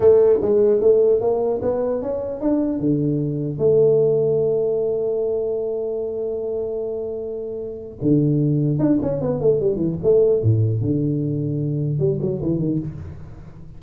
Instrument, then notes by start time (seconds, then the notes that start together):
tuba
0.00 A3
0.41 G#3
0.81 A3
1.20 A#3
1.62 B3
2.02 C#4
2.40 D4
2.79 D3
3.58 A3
8.01 D3
8.79 D4
9.02 C#4
9.21 B3
9.41 A3
9.60 G3
9.76 E3
10.03 A3
10.42 A2
10.81 D3
11.99 G3
12.21 F#3
12.42 E3
12.59 D#3